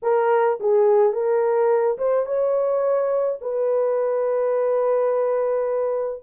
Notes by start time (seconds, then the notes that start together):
0.02 A#4
0.60 G#4
1.12 A#4
1.97 C5
2.26 C#5
3.41 B4